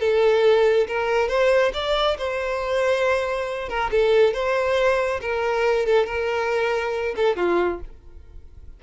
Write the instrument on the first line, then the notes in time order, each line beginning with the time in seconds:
violin
0.00 A4
0.88 A#4
1.28 C5
1.74 D5
2.18 C5
3.69 A#4
3.91 A4
4.33 C5
5.21 A#4
5.86 A4
6.06 A#4
7.16 A4
7.36 F4